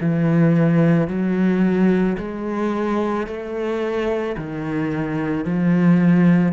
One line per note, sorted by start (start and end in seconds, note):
0.00 1.07 E3
1.07 2.16 F#3
2.17 3.26 G#3
3.26 4.35 A3
4.37 5.44 D#3
5.44 6.52 F3